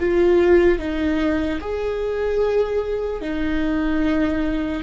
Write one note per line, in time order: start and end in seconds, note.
0.00 0.79 F4
0.79 1.60 D#4
1.61 3.22 G#4
3.22 4.83 D#4